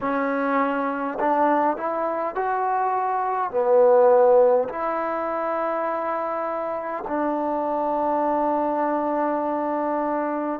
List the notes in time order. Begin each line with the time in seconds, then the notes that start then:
0.00 C#4
1.19 D4
1.76 E4
2.35 F#4
3.50 B3
4.68 E4
7.07 D4